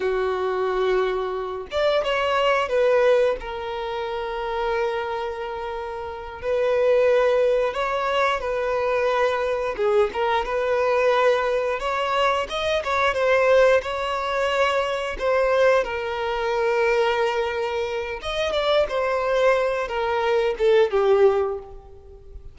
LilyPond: \new Staff \with { instrumentName = "violin" } { \time 4/4 \tempo 4 = 89 fis'2~ fis'8 d''8 cis''4 | b'4 ais'2.~ | ais'4. b'2 cis''8~ | cis''8 b'2 gis'8 ais'8 b'8~ |
b'4. cis''4 dis''8 cis''8 c''8~ | c''8 cis''2 c''4 ais'8~ | ais'2. dis''8 d''8 | c''4. ais'4 a'8 g'4 | }